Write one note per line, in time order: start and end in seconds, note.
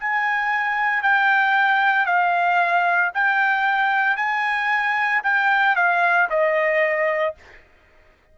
0.00 1.03 G#5
1.03 2.07 G5
2.07 3.12 F5
3.15 4.17 G5
4.17 5.22 G#5
5.24 5.76 G5
5.76 6.29 F5
6.31 7.36 D#5